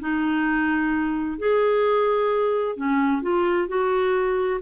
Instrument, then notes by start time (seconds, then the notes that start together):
clarinet
0.00 D#4
1.38 G#4
2.77 C#4
3.22 F4
3.68 F#4